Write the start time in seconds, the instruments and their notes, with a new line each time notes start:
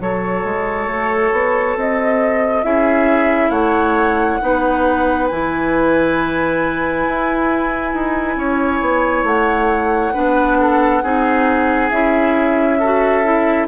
0.00 bassoon F#3, clarinet F#4, oboe A4, flute C#5
0.44 bassoon G#3
0.86 bassoon A3
1.32 bassoon B3
1.76 bassoon C4, flute D#5
2.63 bassoon C#4, clarinet E4, oboe G#4, flute E5
3.50 bassoon A3, oboe C#5, flute F#5
4.41 bassoon B3, clarinet D#4, oboe B4
5.28 bassoon E3, clarinet E4, flute G#5
7.07 bassoon E4
7.93 bassoon D#4
8.36 bassoon C#4, oboe C#5
8.81 bassoon B3
9.23 bassoon A3, flute F#5
10.13 bassoon B3, clarinet D4, oboe B4
10.59 oboe A4
11.03 bassoon C4, clarinet D#4, oboe G#4
11.90 bassoon C#4, clarinet E4, flute E5
12.79 clarinet F#4, oboe A4
13.23 clarinet E4